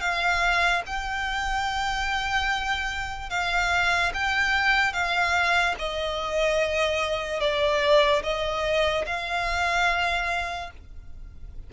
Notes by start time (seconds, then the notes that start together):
0.00 F5
0.86 G5
3.30 F5
4.14 G5
4.93 F5
5.78 D#5
7.40 D5
8.23 D#5
9.06 F5